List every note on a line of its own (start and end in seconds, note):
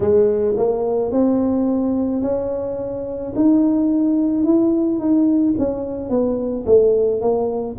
0.00 0.55 G#3
0.56 1.11 A#3
1.11 2.22 C4
2.22 3.33 C#4
3.35 4.43 D#4
4.43 4.98 E4
4.98 5.54 D#4
5.58 6.09 C#4
6.09 6.65 B3
6.66 7.21 A3
7.21 7.76 A#3